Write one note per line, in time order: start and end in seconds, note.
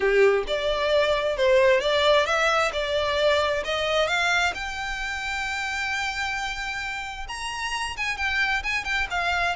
0.00 0.44 G4
0.47 1.36 D5
1.36 1.80 C5
1.80 2.26 D5
2.26 2.71 E5
2.73 3.63 D5
3.64 4.07 D#5
4.07 4.53 F5
4.54 7.27 G5
7.28 7.96 A#5
7.96 8.17 G#5
8.17 8.62 G5
8.63 8.84 G#5
8.84 9.07 G5
9.10 9.55 F5